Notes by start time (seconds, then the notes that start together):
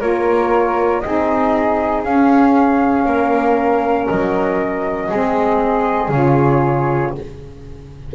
0.00 A#3 F4 A#4 C#5
1.00 C4 D#4 G#4 D#5
2.04 C#4 F5
3.05 A#3 A#4
4.08 F#3 D#5
5.09 G#3 C4 G#4
6.08 C#3 F4 C#5